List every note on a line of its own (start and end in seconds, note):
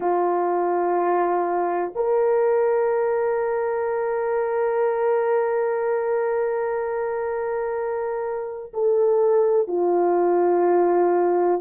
0.00 1.93 F4
1.95 8.72 A#4
8.73 9.67 A4
9.67 11.61 F4